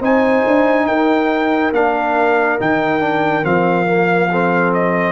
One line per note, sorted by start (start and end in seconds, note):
0.00 0.44 C4
0.00 1.74 D#4
0.00 0.86 C5
0.00 0.87 G#5
0.47 0.87 D4
0.87 1.72 D#4
0.87 4.30 A#4
0.87 1.72 G5
1.73 2.58 A#3
1.73 2.59 D4
1.73 2.60 F5
2.59 3.44 D#3
2.59 3.00 D#4
2.59 3.45 G5
3.00 3.43 D4
3.43 5.12 F3
3.43 3.86 C4
3.43 4.74 F5
3.86 4.29 A#3
4.30 5.12 C4
4.30 5.12 A4
4.74 5.12 D#5